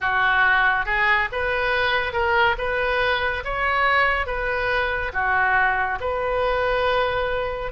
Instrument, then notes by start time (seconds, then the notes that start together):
oboe
0.00 F#4
0.85 G#4
1.31 B4
2.12 A#4
2.58 B4
3.44 C#5
4.26 B4
5.13 F#4
6.00 B4